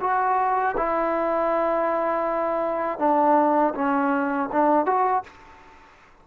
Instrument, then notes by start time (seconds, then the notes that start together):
trombone
0.00 F#4
0.76 E4
2.98 D4
3.74 C#4
4.52 D4
4.85 F#4